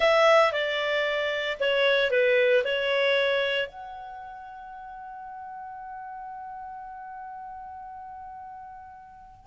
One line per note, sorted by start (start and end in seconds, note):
0.00 0.52 E5
0.52 1.57 D5
1.60 2.11 C#5
2.11 2.63 B4
2.64 3.67 C#5
3.67 9.46 F#5